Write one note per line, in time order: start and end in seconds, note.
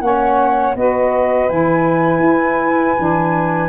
0.00 0.74 A#3
0.00 0.74 C#4
0.00 0.77 C#5
0.00 0.74 F#5
0.75 1.49 B3
0.75 1.48 F#4
0.75 3.68 B4
0.75 1.49 D#5
1.48 2.19 E3
1.48 2.96 E4
1.48 3.68 G#5
2.19 2.93 E4
2.96 3.68 E3
2.96 3.68 D4